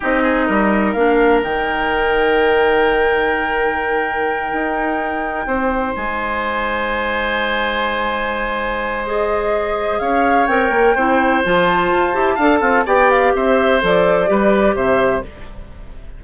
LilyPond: <<
  \new Staff \with { instrumentName = "flute" } { \time 4/4 \tempo 4 = 126 dis''2 f''4 g''4~ | g''1~ | g''1~ | g''8 gis''2.~ gis''8~ |
gis''2. dis''4~ | dis''4 f''4 g''2 | a''2. g''8 f''8 | e''4 d''2 e''4 | }
  \new Staff \with { instrumentName = "oboe" } { \time 4/4 g'8 gis'8 ais'2.~ | ais'1~ | ais'2.~ ais'8 c''8~ | c''1~ |
c''1~ | c''4 cis''2 c''4~ | c''2 f''8 f'8 d''4 | c''2 b'4 c''4 | }
  \new Staff \with { instrumentName = "clarinet" } { \time 4/4 dis'2 d'4 dis'4~ | dis'1~ | dis'1~ | dis'1~ |
dis'2. gis'4~ | gis'2 ais'4 e'4 | f'4. g'8 a'4 g'4~ | g'4 a'4 g'2 | }
  \new Staff \with { instrumentName = "bassoon" } { \time 4/4 c'4 g4 ais4 dis4~ | dis1~ | dis4. dis'2 c'8~ | c'8 gis2.~ gis8~ |
gis1~ | gis4 cis'4 c'8 ais8 c'4 | f4 f'8 e'8 d'8 c'8 b4 | c'4 f4 g4 c4 | }
>>